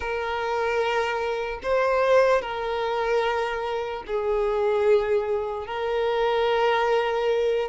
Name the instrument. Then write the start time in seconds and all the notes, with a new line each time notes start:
violin
0.00 A#4
1.63 C5
2.41 A#4
4.07 G#4
5.66 A#4